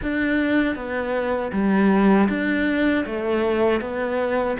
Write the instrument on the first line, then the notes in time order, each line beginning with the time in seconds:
cello
0.02 D4
0.75 B3
1.52 G3
2.29 D4
3.06 A3
3.80 B3